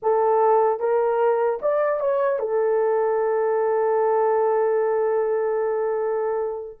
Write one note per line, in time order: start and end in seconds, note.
0.02 0.79 A4
0.79 1.59 A#4
1.61 2.00 D5
2.00 2.39 C#5
2.39 6.79 A4